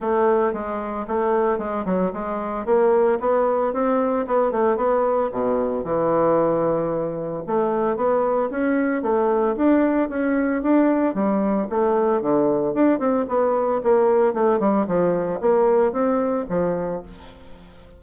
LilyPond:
\new Staff \with { instrumentName = "bassoon" } { \time 4/4 \tempo 4 = 113 a4 gis4 a4 gis8 fis8 | gis4 ais4 b4 c'4 | b8 a8 b4 b,4 e4~ | e2 a4 b4 |
cis'4 a4 d'4 cis'4 | d'4 g4 a4 d4 | d'8 c'8 b4 ais4 a8 g8 | f4 ais4 c'4 f4 | }